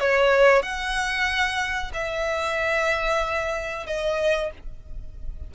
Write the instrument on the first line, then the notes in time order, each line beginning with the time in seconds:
violin
0.00 C#5
0.62 F#5
1.94 E5
3.87 D#5